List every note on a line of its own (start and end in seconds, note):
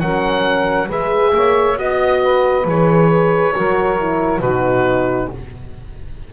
0.00 0.89 F#3
0.00 0.89 C#4
0.00 0.87 A#4
0.00 0.88 F#5
0.87 1.33 G#3
0.87 1.76 G#4
0.87 1.31 B4
0.87 1.78 E5
1.34 1.77 A#3
1.34 1.80 C#5
1.76 2.65 B3
1.76 2.65 F#4
1.76 2.67 D#5
1.76 2.23 D#5
2.23 3.55 B4
2.65 3.53 E3
2.65 3.54 G#4
2.65 4.41 C#5
3.54 4.40 F#3
3.54 3.98 F#4
3.54 4.42 A#4
3.98 4.42 E4
4.40 5.28 B2
4.40 5.33 D#4
4.40 5.30 F#4
4.40 5.29 B4